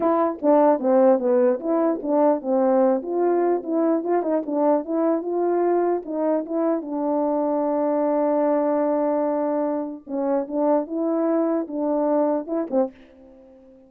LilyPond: \new Staff \with { instrumentName = "horn" } { \time 4/4 \tempo 4 = 149 e'4 d'4 c'4 b4 | e'4 d'4 c'4. f'8~ | f'4 e'4 f'8 dis'8 d'4 | e'4 f'2 dis'4 |
e'4 d'2.~ | d'1~ | d'4 cis'4 d'4 e'4~ | e'4 d'2 e'8 c'8 | }